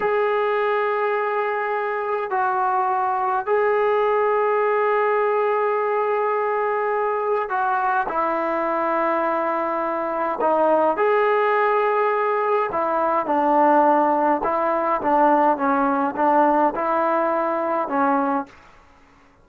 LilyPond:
\new Staff \with { instrumentName = "trombone" } { \time 4/4 \tempo 4 = 104 gis'1 | fis'2 gis'2~ | gis'1~ | gis'4 fis'4 e'2~ |
e'2 dis'4 gis'4~ | gis'2 e'4 d'4~ | d'4 e'4 d'4 cis'4 | d'4 e'2 cis'4 | }